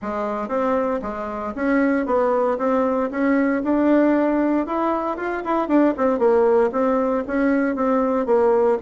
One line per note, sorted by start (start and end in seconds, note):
0.01 0.48 G#3
0.48 1.00 C4
1.02 1.53 G#3
1.55 2.05 C#4
2.05 2.57 B3
2.58 3.09 C4
3.10 3.62 C#4
3.63 4.66 D4
4.66 5.16 E4
5.16 5.42 F4
5.44 5.68 E4
5.68 5.93 D4
5.97 6.18 C4
6.18 6.70 A#3
6.72 7.23 C4
7.27 7.75 C#4
7.75 8.25 C4
8.25 8.77 A#3